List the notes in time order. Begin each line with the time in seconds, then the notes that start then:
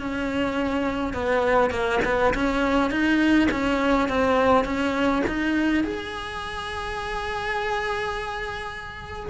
0.00 C#4
1.14 B3
1.71 A#3
2.05 B3
2.35 C#4
2.91 D#4
3.51 C#4
4.09 C4
4.65 C#4
5.28 D#4
5.84 G#4